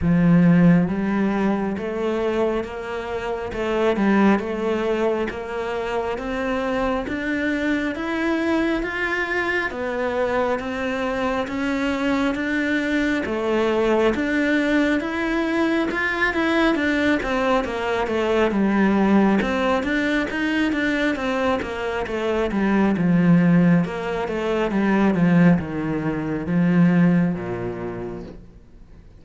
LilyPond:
\new Staff \with { instrumentName = "cello" } { \time 4/4 \tempo 4 = 68 f4 g4 a4 ais4 | a8 g8 a4 ais4 c'4 | d'4 e'4 f'4 b4 | c'4 cis'4 d'4 a4 |
d'4 e'4 f'8 e'8 d'8 c'8 | ais8 a8 g4 c'8 d'8 dis'8 d'8 | c'8 ais8 a8 g8 f4 ais8 a8 | g8 f8 dis4 f4 ais,4 | }